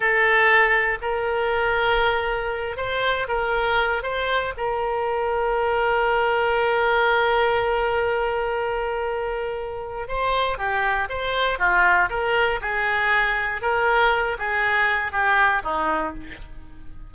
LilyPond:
\new Staff \with { instrumentName = "oboe" } { \time 4/4 \tempo 4 = 119 a'2 ais'2~ | ais'4. c''4 ais'4. | c''4 ais'2.~ | ais'1~ |
ais'1 | c''4 g'4 c''4 f'4 | ais'4 gis'2 ais'4~ | ais'8 gis'4. g'4 dis'4 | }